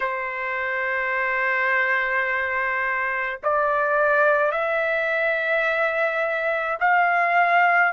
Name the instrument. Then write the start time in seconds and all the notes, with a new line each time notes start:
trumpet
0.00 C5
3.43 D5
4.51 E5
6.80 F5